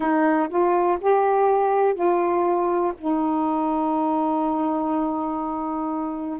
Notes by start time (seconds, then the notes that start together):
0.00 D#4
0.49 F4
1.01 G4
1.94 F4
2.98 D#4